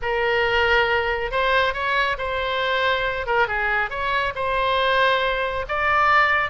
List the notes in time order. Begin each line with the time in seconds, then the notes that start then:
0.02 A#4
1.31 C5
1.73 C#5
2.18 C5
3.26 A#4
3.47 G#4
3.89 C#5
4.35 C5
5.68 D5